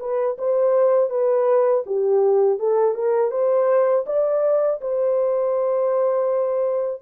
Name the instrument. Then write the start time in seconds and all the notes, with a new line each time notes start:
horn
0.00 B4
0.38 C5
1.10 B4
1.86 G4
2.59 A4
2.95 A#4
3.31 C5
4.06 D5
4.81 C5